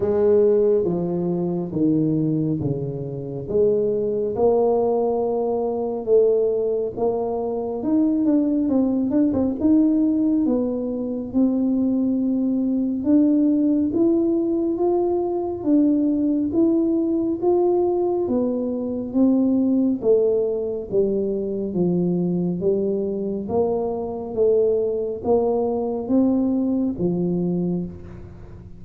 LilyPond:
\new Staff \with { instrumentName = "tuba" } { \time 4/4 \tempo 4 = 69 gis4 f4 dis4 cis4 | gis4 ais2 a4 | ais4 dis'8 d'8 c'8 d'16 c'16 dis'4 | b4 c'2 d'4 |
e'4 f'4 d'4 e'4 | f'4 b4 c'4 a4 | g4 f4 g4 ais4 | a4 ais4 c'4 f4 | }